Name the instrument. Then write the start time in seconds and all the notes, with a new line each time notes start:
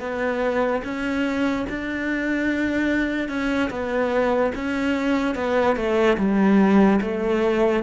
cello
0.00 B3
0.84 C#4
1.70 D4
3.29 C#4
3.70 B3
4.55 C#4
5.35 B3
5.76 A3
6.18 G3
7.02 A3